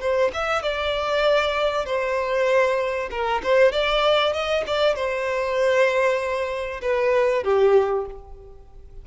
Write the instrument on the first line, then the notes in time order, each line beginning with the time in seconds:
violin
0.00 C5
0.33 E5
0.62 D5
1.85 C5
3.11 A#4
3.43 C5
3.72 D5
4.33 D#5
4.66 D5
4.95 C5
6.82 B4
7.44 G4